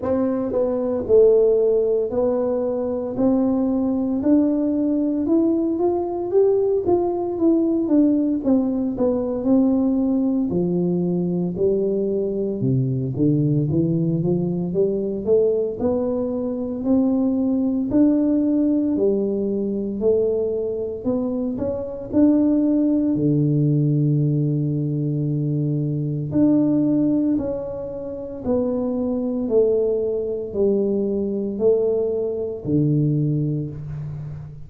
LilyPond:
\new Staff \with { instrumentName = "tuba" } { \time 4/4 \tempo 4 = 57 c'8 b8 a4 b4 c'4 | d'4 e'8 f'8 g'8 f'8 e'8 d'8 | c'8 b8 c'4 f4 g4 | c8 d8 e8 f8 g8 a8 b4 |
c'4 d'4 g4 a4 | b8 cis'8 d'4 d2~ | d4 d'4 cis'4 b4 | a4 g4 a4 d4 | }